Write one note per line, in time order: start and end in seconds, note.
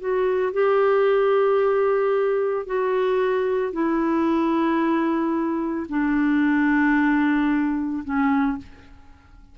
0.00 0.53 F#4
0.53 2.66 G4
2.66 3.72 F#4
3.72 5.87 E4
5.89 8.03 D4
8.04 8.58 C#4